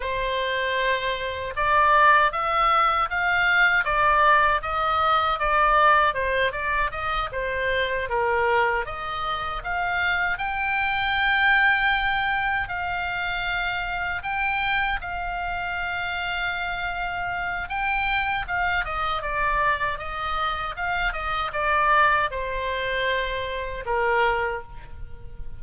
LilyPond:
\new Staff \with { instrumentName = "oboe" } { \time 4/4 \tempo 4 = 78 c''2 d''4 e''4 | f''4 d''4 dis''4 d''4 | c''8 d''8 dis''8 c''4 ais'4 dis''8~ | dis''8 f''4 g''2~ g''8~ |
g''8 f''2 g''4 f''8~ | f''2. g''4 | f''8 dis''8 d''4 dis''4 f''8 dis''8 | d''4 c''2 ais'4 | }